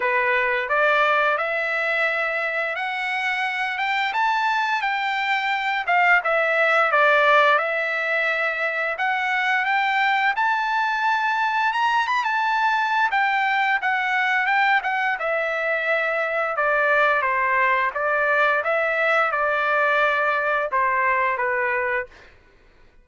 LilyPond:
\new Staff \with { instrumentName = "trumpet" } { \time 4/4 \tempo 4 = 87 b'4 d''4 e''2 | fis''4. g''8 a''4 g''4~ | g''8 f''8 e''4 d''4 e''4~ | e''4 fis''4 g''4 a''4~ |
a''4 ais''8 b''16 a''4~ a''16 g''4 | fis''4 g''8 fis''8 e''2 | d''4 c''4 d''4 e''4 | d''2 c''4 b'4 | }